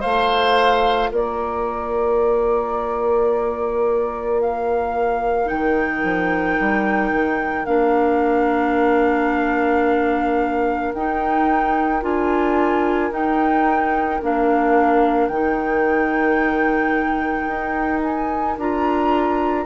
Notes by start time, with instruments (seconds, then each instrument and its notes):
0.00 bassoon A3, clarinet F4, oboe C5, flute F5
1.11 bassoon A#3, oboe A#4, flute D5
4.41 flute F5
5.45 bassoon D#3, clarinet D#4, flute G5
6.03 bassoon F3
6.59 bassoon G3
7.12 bassoon D#3
7.65 bassoon A#3, clarinet D4, flute F5
10.93 bassoon D#4, clarinet D#4, flute G5
12.02 bassoon D4, clarinet F4, flute G#5
13.10 clarinet D#4, bassoon D#4, flute G5
14.22 bassoon A#3, clarinet D4, flute F5
15.27 bassoon D#3, clarinet D#4, flute G5
17.47 bassoon D#4
18.02 flute G#5
18.57 bassoon D4, clarinet F4, flute A#5